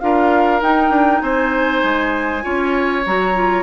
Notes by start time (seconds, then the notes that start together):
0.00 D4 F4 A#4 F5
0.61 D#4 G5
0.90 D4
1.21 C4 C5 G#5
1.83 G#3
2.42 C#4 F4 C#5
3.06 F#3 F#4 A#5
3.35 F4